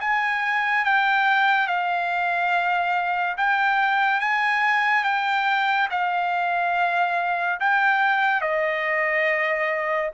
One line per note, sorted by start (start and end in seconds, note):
0.00 0.85 G#5
0.85 1.67 G5
1.67 3.36 F5
3.37 4.20 G5
4.20 5.04 G#5
5.04 5.88 G5
5.90 7.59 F5
7.60 8.41 G5
8.41 10.10 D#5